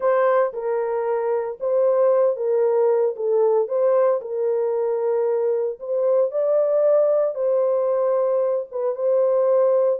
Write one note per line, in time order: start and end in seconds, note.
0.00 0.52 C5
0.53 1.58 A#4
1.59 2.36 C5
2.36 3.15 A#4
3.16 3.67 A4
3.67 4.20 C5
4.21 5.79 A#4
5.79 6.31 C5
6.31 7.34 D5
7.34 8.66 C5
8.71 8.95 B4
8.95 9.99 C5